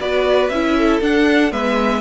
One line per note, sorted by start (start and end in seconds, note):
0.00 0.50 B3
0.00 0.51 F#4
0.00 0.76 B4
0.00 0.49 D5
0.49 1.00 C#4
0.49 1.02 E4
0.49 0.99 E5
0.76 1.52 A4
1.01 1.52 D4
1.01 1.51 D4
1.01 1.52 F#5
1.51 2.01 G#3
1.51 2.01 B3
1.51 2.01 B4
1.51 2.01 E5